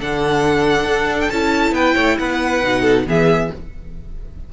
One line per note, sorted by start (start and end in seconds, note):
0.00 0.85 D3
0.00 1.32 D4
0.00 1.75 A4
0.00 1.21 F#5
0.85 1.29 D4
1.21 1.31 G5
1.31 1.72 C#4
1.31 2.64 E4
1.31 1.74 A5
1.72 1.94 B3
1.72 1.95 B4
1.72 2.18 G5
1.95 2.19 A3
1.95 2.17 C#5
2.19 2.63 B3
2.19 2.82 B4
2.19 3.07 F#5
2.64 3.07 B2
2.64 3.07 D#4
2.82 3.04 A4
3.07 3.51 E3
3.07 3.51 B3
3.07 3.52 G#4
3.07 3.53 E5